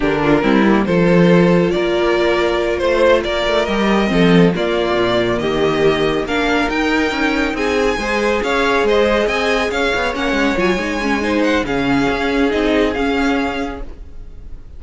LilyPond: <<
  \new Staff \with { instrumentName = "violin" } { \time 4/4 \tempo 4 = 139 ais'2 c''2 | d''2~ d''8 c''4 d''8~ | d''8 dis''2 d''4.~ | d''8 dis''2 f''4 g''8~ |
g''4. gis''2 f''8~ | f''8 dis''4 gis''4 f''4 fis''8~ | fis''8 gis''2 fis''8 f''4~ | f''4 dis''4 f''2 | }
  \new Staff \with { instrumentName = "violin" } { \time 4/4 g'8 f'8 e'4 a'2 | ais'2~ ais'8 c''4 ais'8~ | ais'4. a'4 f'4.~ | f'8 g'2 ais'4.~ |
ais'4. gis'4 c''4 cis''8~ | cis''8 c''4 dis''4 cis''4.~ | cis''2 c''4 gis'4~ | gis'1 | }
  \new Staff \with { instrumentName = "viola" } { \time 4/4 d'4 c'8 ais8 f'2~ | f'1~ | f'8 g'4 c'4 ais4.~ | ais2~ ais8 d'4 dis'8~ |
dis'2~ dis'8 gis'4.~ | gis'2.~ gis'8 cis'8~ | cis'8 f'8 dis'8 cis'8 dis'4 cis'4~ | cis'4 dis'4 cis'2 | }
  \new Staff \with { instrumentName = "cello" } { \time 4/4 d4 g4 f2 | ais2~ ais8 a4 ais8 | a8 g4 f4 ais4 ais,8~ | ais,8 dis2 ais4 dis'8~ |
dis'8 cis'4 c'4 gis4 cis'8~ | cis'8 gis4 c'4 cis'8 b8 ais8 | gis8 fis8 gis2 cis4 | cis'4 c'4 cis'2 | }
>>